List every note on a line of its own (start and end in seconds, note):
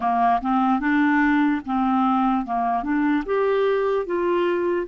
0.00 0.40 A#3
0.41 0.80 C4
0.80 1.61 D4
1.65 2.45 C4
2.45 2.83 A#3
2.83 3.23 D4
3.25 4.06 G4
4.06 4.87 F4